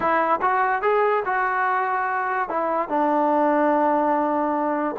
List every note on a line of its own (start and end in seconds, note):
0.00 0.39 E4
0.41 0.82 F#4
0.82 1.23 G#4
1.25 2.49 F#4
2.49 2.88 E4
2.88 4.95 D4